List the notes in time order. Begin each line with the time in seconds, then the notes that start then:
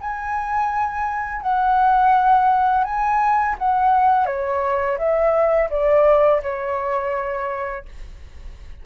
0.00 G#5
1.41 F#5
2.84 G#5
3.58 F#5
4.26 C#5
4.98 E5
5.70 D5
6.42 C#5